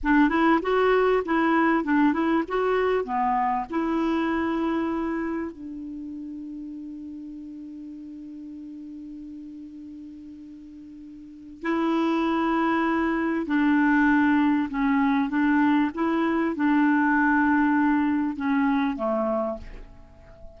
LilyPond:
\new Staff \with { instrumentName = "clarinet" } { \time 4/4 \tempo 4 = 98 d'8 e'8 fis'4 e'4 d'8 e'8 | fis'4 b4 e'2~ | e'4 d'2.~ | d'1~ |
d'2. e'4~ | e'2 d'2 | cis'4 d'4 e'4 d'4~ | d'2 cis'4 a4 | }